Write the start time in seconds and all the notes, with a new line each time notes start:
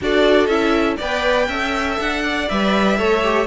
0.01 D4 F#4 A4 D5
0.46 C#4 E4 E5
0.96 B3 B4 D5 G5
1.48 C#4 A4 E5
1.99 D4 F#5
2.23 D5
2.48 G3 B4 E5
2.98 A3 A4 C#5
3.23 G4